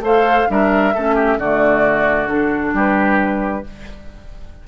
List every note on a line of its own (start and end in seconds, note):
0.00 0.45 A3
0.00 0.48 A4
0.00 0.48 C5
0.00 0.50 F5
0.48 0.95 G3
0.48 0.93 D4
0.48 0.94 A#4
0.48 1.39 E5
0.94 1.38 A3
0.94 1.41 C#4
0.94 1.15 A4
1.15 1.37 G4
1.38 2.73 D3
1.38 2.28 A3
1.38 2.74 F#4
1.38 2.28 D5
2.28 3.63 D4
2.28 2.73 A4
2.73 3.63 G3
2.73 3.64 G4
2.73 3.68 B4